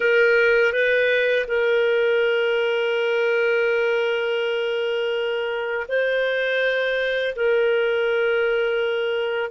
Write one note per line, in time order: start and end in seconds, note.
0.00 0.73 A#4
0.73 1.46 B4
1.47 5.86 A#4
5.88 7.34 C5
7.35 9.50 A#4